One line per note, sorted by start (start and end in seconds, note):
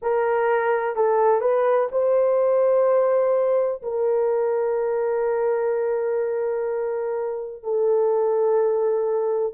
0.02 0.95 A#4
0.95 1.40 A4
1.40 1.88 B4
1.91 3.82 C5
3.82 7.63 A#4
7.63 9.53 A4